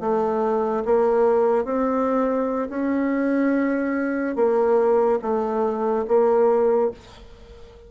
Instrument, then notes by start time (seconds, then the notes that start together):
bassoon
0.00 A3
0.85 A#3
1.64 C4
2.69 C#4
4.36 A#3
5.22 A3
6.08 A#3